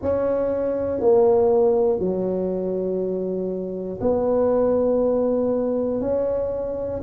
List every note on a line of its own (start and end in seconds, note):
0.02 1.00 C#4
1.00 1.99 A#3
1.99 3.99 F#3
4.00 6.00 B3
6.00 7.00 C#4